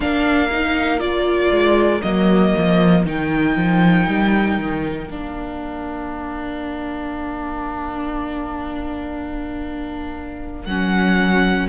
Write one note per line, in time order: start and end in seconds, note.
0.00 1.50 A#3
0.00 0.50 D4
0.00 11.69 A#4
0.00 0.99 F5
0.51 0.98 D#4
0.98 2.00 F4
0.98 2.01 D5
1.51 2.01 G#3
2.01 2.54 F#3
2.01 3.05 A#3
2.01 3.03 D#5
2.58 3.05 F3
3.05 3.56 D#3
3.05 5.09 D#4
3.05 5.09 G5
3.56 4.06 F3
4.07 4.57 G3
4.57 5.07 D#3
5.07 10.66 A#3
5.07 10.68 D4
5.07 10.65 F5
10.65 11.68 F#3
10.65 11.69 C#4
10.65 11.67 F#5